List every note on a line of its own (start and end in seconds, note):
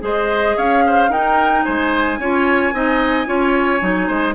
0.00 0.56 G#3
0.00 1.08 G#4
0.00 0.57 C5
0.00 0.58 D#5
0.57 1.09 C#4
0.57 0.84 C#5
0.57 1.12 F5
0.86 1.10 C5
1.09 1.63 D#4
1.09 2.20 D#4
1.09 1.64 A#4
1.09 1.64 G5
1.64 2.19 G#3
1.64 2.19 C5
1.64 4.34 G#5
2.19 2.73 C#4
2.19 2.74 F4
2.19 2.74 C#5
2.73 3.27 C4
2.73 3.26 D#4
2.73 3.28 D#5
3.26 3.81 C#4
3.26 3.80 F4
3.26 4.07 C#5
3.80 4.09 F#3
3.80 4.34 D#4
4.07 4.35 G#3
4.07 4.34 C5